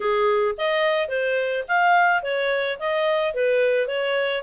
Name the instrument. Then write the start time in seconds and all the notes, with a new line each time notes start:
clarinet
0.00 G#4
0.57 D#5
1.08 C5
1.68 F5
2.22 C#5
2.79 D#5
3.34 B4
3.87 C#5